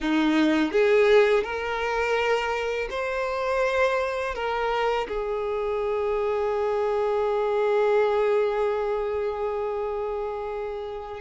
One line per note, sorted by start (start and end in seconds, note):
0.00 0.71 D#4
0.71 1.43 G#4
1.43 2.88 A#4
2.90 4.34 C5
4.34 5.07 A#4
5.08 11.20 G#4